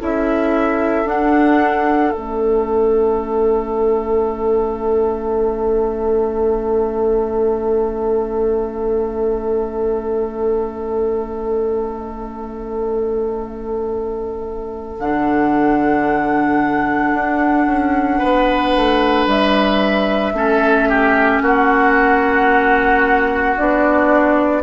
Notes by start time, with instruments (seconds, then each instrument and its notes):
0.00 bassoon C#4, clarinet E4, oboe A4, flute E5
1.06 bassoon D4, clarinet D4, flute F#5
2.12 bassoon A3, clarinet C#4, flute E5
15.00 bassoon D3, clarinet D4, flute F#5
17.14 bassoon D4
17.67 bassoon C#4
18.19 bassoon B3, oboe B4
18.76 bassoon A3
19.27 bassoon G3, flute E5
20.33 bassoon A3, clarinet C#4, oboe A4
20.89 oboe G4
21.42 bassoon A#3, oboe F#4, flute F#5
23.57 bassoon B3, clarinet D4, flute D5